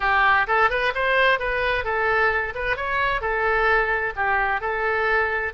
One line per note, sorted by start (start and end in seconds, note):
0.00 0.46 G4
0.47 0.69 A4
0.69 0.93 B4
0.94 1.39 C5
1.39 1.84 B4
1.84 2.53 A4
2.54 2.76 B4
2.76 3.21 C#5
3.21 4.13 A4
4.16 4.60 G4
4.60 5.53 A4